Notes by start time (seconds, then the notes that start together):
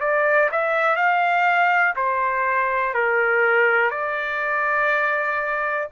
0.00 D5
0.51 E5
0.96 F5
1.96 C5
2.94 A#4
3.90 D5